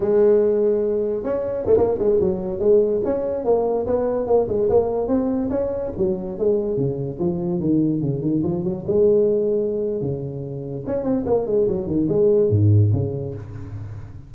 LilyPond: \new Staff \with { instrumentName = "tuba" } { \time 4/4 \tempo 4 = 144 gis2. cis'4 | a16 ais8 gis8 fis4 gis4 cis'8.~ | cis'16 ais4 b4 ais8 gis8 ais8.~ | ais16 c'4 cis'4 fis4 gis8.~ |
gis16 cis4 f4 dis4 cis8 dis16~ | dis16 f8 fis8 gis2~ gis8. | cis2 cis'8 c'8 ais8 gis8 | fis8 dis8 gis4 gis,4 cis4 | }